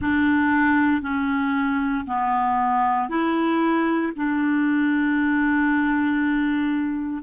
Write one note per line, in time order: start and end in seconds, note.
0.00 1.01 D4
1.01 2.05 C#4
2.06 3.09 B3
3.09 4.12 E4
4.16 7.23 D4